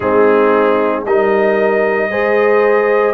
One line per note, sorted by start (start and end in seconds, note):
0.00 1.05 G#3
0.00 1.06 C4
0.00 1.04 D#4
0.00 1.03 G#4
1.05 2.09 G3
1.05 2.10 D#4
1.05 2.10 A#4
1.05 3.14 D#5
2.09 3.14 G#3
2.09 3.14 G#4
2.09 3.14 C5